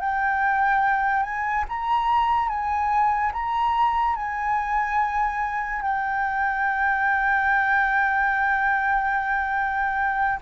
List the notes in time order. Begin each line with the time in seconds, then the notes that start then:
0.00 G5
1.23 G#5
1.69 A#5
2.48 G#5
3.33 A#5
4.16 G#5
5.81 G5